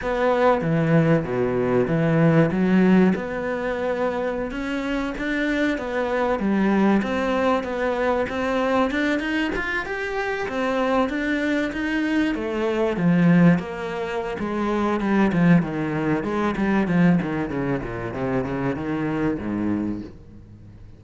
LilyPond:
\new Staff \with { instrumentName = "cello" } { \time 4/4 \tempo 4 = 96 b4 e4 b,4 e4 | fis4 b2~ b16 cis'8.~ | cis'16 d'4 b4 g4 c'8.~ | c'16 b4 c'4 d'8 dis'8 f'8 g'16~ |
g'8. c'4 d'4 dis'4 a16~ | a8. f4 ais4~ ais16 gis4 | g8 f8 dis4 gis8 g8 f8 dis8 | cis8 ais,8 c8 cis8 dis4 gis,4 | }